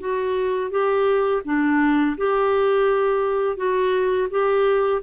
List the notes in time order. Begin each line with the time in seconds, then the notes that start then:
0.00 F#4
0.71 G4
1.45 D4
2.17 G4
3.57 F#4
4.31 G4